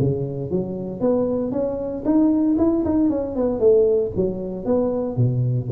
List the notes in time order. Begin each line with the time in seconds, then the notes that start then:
0.00 C#3
0.51 F#3
1.01 B3
1.52 C#4
2.06 D#4
2.58 E4
2.85 D#4
3.10 C#4
3.36 B3
3.60 A3
4.16 F#3
4.66 B3
5.17 B2